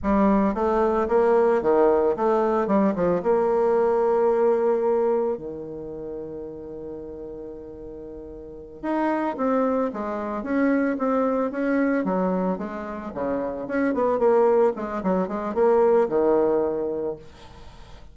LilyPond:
\new Staff \with { instrumentName = "bassoon" } { \time 4/4 \tempo 4 = 112 g4 a4 ais4 dis4 | a4 g8 f8 ais2~ | ais2 dis2~ | dis1~ |
dis8 dis'4 c'4 gis4 cis'8~ | cis'8 c'4 cis'4 fis4 gis8~ | gis8 cis4 cis'8 b8 ais4 gis8 | fis8 gis8 ais4 dis2 | }